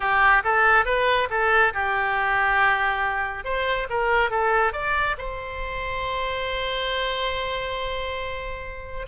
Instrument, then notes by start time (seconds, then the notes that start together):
oboe
0.00 G4
0.44 A4
0.85 B4
1.29 A4
1.73 G4
3.44 C5
3.89 A#4
4.30 A4
4.72 D5
5.18 C5